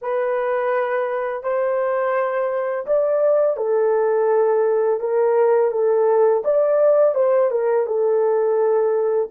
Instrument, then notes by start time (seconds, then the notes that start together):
horn
0.01 B4
1.43 C5
2.86 D5
3.56 A4
5.00 A#4
5.71 A4
6.44 D5
7.15 C5
7.51 A#4
7.86 A4